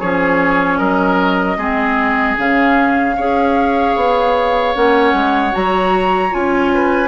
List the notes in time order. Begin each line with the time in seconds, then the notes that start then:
0.00 F3 C#4 G#4 C#5
0.78 F#3 A#4 D#5
1.57 G#3 C4 G#4
2.37 C#3 C#4 F5
3.16 C#4 G#4 C#5
3.96 B3
4.75 A#3 C#4 F#5
5.13 G#3
5.51 F#3 F#4 A#5
6.31 C#4 F4 G#5
6.74 B4